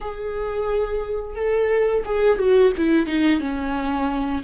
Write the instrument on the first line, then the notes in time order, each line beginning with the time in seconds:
viola
0.00 G#4
1.35 A4
2.05 G#4
2.38 F#4
2.77 E4
3.06 D#4
3.40 C#4